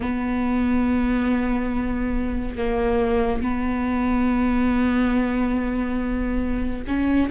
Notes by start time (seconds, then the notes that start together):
0.00 B3
2.56 A#3
3.42 B3
6.86 C#4